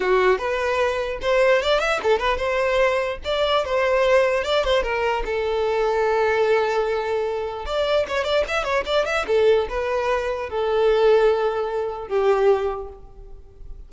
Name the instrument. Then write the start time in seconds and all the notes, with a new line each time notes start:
violin
0.00 F#4
0.38 B4
1.21 C5
1.62 D5
1.79 E5
2.02 A4
2.18 B4
2.37 C5
3.24 D5
3.64 C5
4.44 D5
4.64 C5
4.82 A#4
5.25 A4
7.65 D5
8.08 C#5
8.24 D5
8.48 E5
8.64 C#5
8.85 D5
9.05 E5
9.27 A4
9.69 B4
10.49 A4
12.07 G4